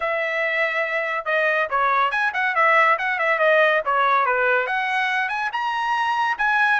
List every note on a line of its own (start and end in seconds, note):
0.00 1.25 E5
1.25 1.68 D#5
1.69 2.11 C#5
2.11 2.32 G#5
2.33 2.55 F#5
2.55 2.97 E5
2.98 3.18 F#5
3.18 3.38 E5
3.38 3.81 D#5
3.85 4.25 C#5
4.25 4.67 B4
4.67 5.28 F#5
5.28 5.50 G#5
5.52 6.37 A#5
6.38 6.80 G#5